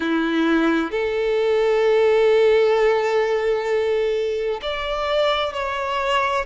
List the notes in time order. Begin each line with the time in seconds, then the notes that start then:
0.00 E4
0.91 A4
4.62 D5
5.53 C#5